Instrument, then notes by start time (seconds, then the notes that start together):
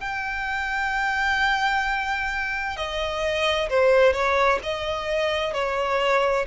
violin
0.00 G5
2.77 D#5
3.69 C5
4.12 C#5
4.63 D#5
5.53 C#5